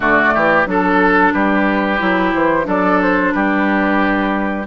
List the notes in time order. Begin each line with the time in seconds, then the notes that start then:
0.00 D3 A3 F#4 D5
0.33 E3 G4
0.66 F#3 D4 A4
1.32 G3 G4 B4
1.98 F#3 E4
2.33 E3 C5
2.63 F#3 D4 A4 D5
3.02 C5
3.32 G3 G4 B4